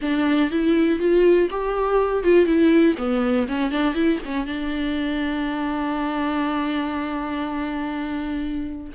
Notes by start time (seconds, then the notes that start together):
0.01 D4
0.50 E4
0.99 F4
1.50 G4
2.23 F4
2.45 E4
2.97 B3
3.48 C#4
3.71 D4
3.94 E4
4.25 C#4
4.46 D4